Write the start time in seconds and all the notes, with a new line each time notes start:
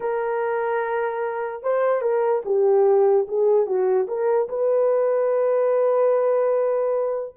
0.00 A#4
1.63 C5
2.01 A#4
2.45 G4
3.28 G#4
3.66 F#4
4.07 A#4
4.48 B4